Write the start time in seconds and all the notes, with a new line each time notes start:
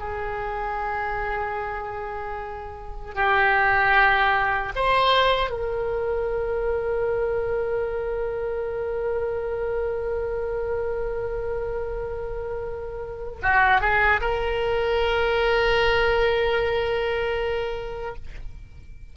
0.00 G#4
3.15 G4
4.76 C5
5.50 A#4
13.43 F#4
13.81 G#4
14.21 A#4